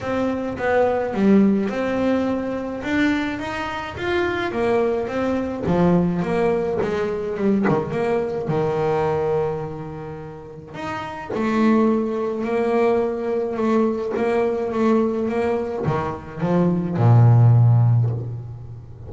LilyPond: \new Staff \with { instrumentName = "double bass" } { \time 4/4 \tempo 4 = 106 c'4 b4 g4 c'4~ | c'4 d'4 dis'4 f'4 | ais4 c'4 f4 ais4 | gis4 g8 dis8 ais4 dis4~ |
dis2. dis'4 | a2 ais2 | a4 ais4 a4 ais4 | dis4 f4 ais,2 | }